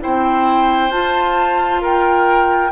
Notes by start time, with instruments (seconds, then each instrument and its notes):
0.00 bassoon C4, clarinet E4, oboe C5, flute G5
0.90 bassoon F4, clarinet F4, flute A5
1.82 oboe A#4, flute G5